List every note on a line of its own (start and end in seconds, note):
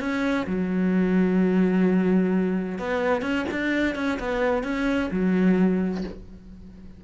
0.00 0.47 C#4
0.47 2.79 F#3
2.79 3.22 B3
3.22 3.45 C#4
3.52 3.96 D4
3.96 4.19 C#4
4.20 4.63 B3
4.63 5.10 C#4
5.11 6.04 F#3